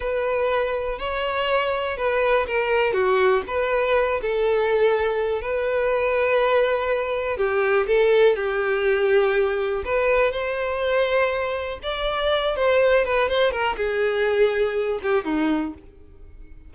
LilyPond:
\new Staff \with { instrumentName = "violin" } { \time 4/4 \tempo 4 = 122 b'2 cis''2 | b'4 ais'4 fis'4 b'4~ | b'8 a'2~ a'8 b'4~ | b'2. g'4 |
a'4 g'2. | b'4 c''2. | d''4. c''4 b'8 c''8 ais'8 | gis'2~ gis'8 g'8 dis'4 | }